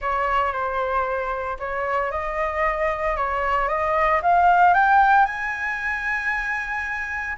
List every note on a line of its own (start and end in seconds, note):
0.01 0.52 C#5
0.52 1.57 C5
1.59 2.11 C#5
2.11 3.16 D#5
3.16 3.68 C#5
3.68 4.21 D#5
4.22 4.74 F5
4.74 5.25 G5
5.25 7.36 G#5